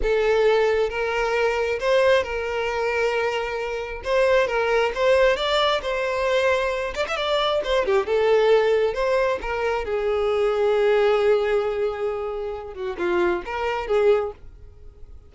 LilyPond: \new Staff \with { instrumentName = "violin" } { \time 4/4 \tempo 4 = 134 a'2 ais'2 | c''4 ais'2.~ | ais'4 c''4 ais'4 c''4 | d''4 c''2~ c''8 d''16 e''16 |
d''4 c''8 g'8 a'2 | c''4 ais'4 gis'2~ | gis'1~ | gis'8 fis'8 f'4 ais'4 gis'4 | }